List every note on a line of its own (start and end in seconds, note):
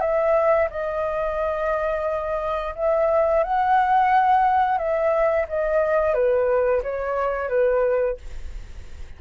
0.00 0.68 E5
0.70 2.75 D#5
2.75 3.43 E5
3.43 4.78 F#5
4.78 5.46 E5
5.48 6.14 D#5
6.14 6.82 B4
6.83 7.49 C#5
7.49 8.17 B4